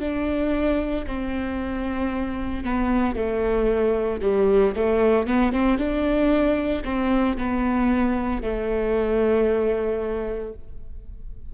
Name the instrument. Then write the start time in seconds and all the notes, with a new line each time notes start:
viola
0.00 D4
1.07 C4
2.64 B3
3.16 A3
4.22 G3
4.76 A3
5.27 B3
5.53 C4
5.78 D4
6.85 C4
7.37 B3
8.43 A3